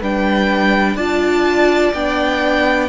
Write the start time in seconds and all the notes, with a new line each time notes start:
0.00 G3 D4 B4 G5
0.96 D4 F4 D5 A5
1.93 B3 D4 G5